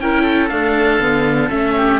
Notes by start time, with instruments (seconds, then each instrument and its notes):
0.00 cello C#4, viola E4, oboe A#4 G5
0.22 oboe A4
0.49 viola A3, cello D4, oboe F5
0.99 cello D3, viola B3
1.49 cello A3, viola C#4, oboe E5
1.76 oboe G4